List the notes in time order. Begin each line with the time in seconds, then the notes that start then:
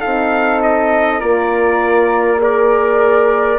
0.00 C4 D#4 A4 F5
0.63 D#5
1.20 A#3 F4 A#4 D5
2.38 G#4 D5
2.44 A#4